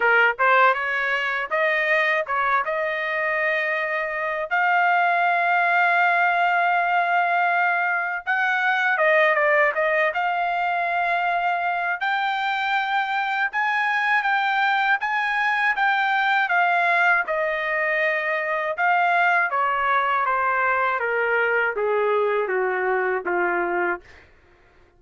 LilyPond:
\new Staff \with { instrumentName = "trumpet" } { \time 4/4 \tempo 4 = 80 ais'8 c''8 cis''4 dis''4 cis''8 dis''8~ | dis''2 f''2~ | f''2. fis''4 | dis''8 d''8 dis''8 f''2~ f''8 |
g''2 gis''4 g''4 | gis''4 g''4 f''4 dis''4~ | dis''4 f''4 cis''4 c''4 | ais'4 gis'4 fis'4 f'4 | }